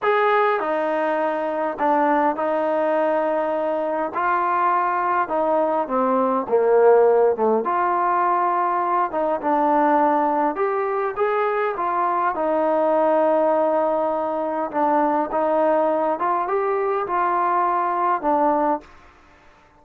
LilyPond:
\new Staff \with { instrumentName = "trombone" } { \time 4/4 \tempo 4 = 102 gis'4 dis'2 d'4 | dis'2. f'4~ | f'4 dis'4 c'4 ais4~ | ais8 a8 f'2~ f'8 dis'8 |
d'2 g'4 gis'4 | f'4 dis'2.~ | dis'4 d'4 dis'4. f'8 | g'4 f'2 d'4 | }